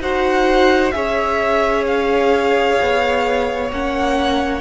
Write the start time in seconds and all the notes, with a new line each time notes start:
0.00 D#4 F#4 C5 F#5
0.92 C#4 G#4 C#5 E5
1.87 F5
2.81 B3
3.71 A#3 C#4 F#5